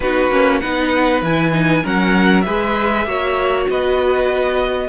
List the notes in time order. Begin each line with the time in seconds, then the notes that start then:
0.00 B3 D#4 F#4 B4
0.29 A#3 C#4
0.59 B3 D#4 B4 F#5
1.21 E3 E4 G#5
1.52 D#4
1.83 F#3 C#4 A#4 F#5
2.41 G#3 G#4 B4 E5
3.05 A#3 F#4 C#5
3.69 B3 B4 D#5